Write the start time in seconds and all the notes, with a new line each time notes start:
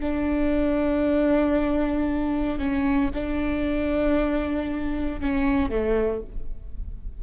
0.00 D4
2.58 C#4
3.13 D4
5.20 C#4
5.69 A3